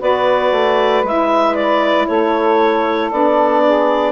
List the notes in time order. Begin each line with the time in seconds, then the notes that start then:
0.00 B3 F#4 B4 D5
0.52 A3
1.03 G#3 E4 E5
1.55 D5
2.07 A3 A4 C#5
3.11 B3 D4 D5
3.65 G#4